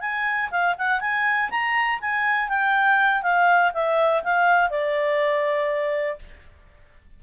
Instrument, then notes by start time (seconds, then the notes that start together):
clarinet
0.00 G#5
0.50 F5
0.78 F#5
1.00 G#5
1.49 A#5
2.00 G#5
2.49 G5
3.22 F5
3.73 E5
4.23 F5
4.70 D5